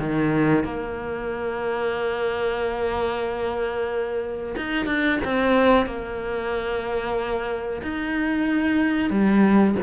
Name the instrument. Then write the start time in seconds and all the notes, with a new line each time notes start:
cello
0.00 D#3
0.65 A#3
4.57 D#4
4.86 D4
5.25 C4
5.87 A#3
7.83 D#4
9.11 G3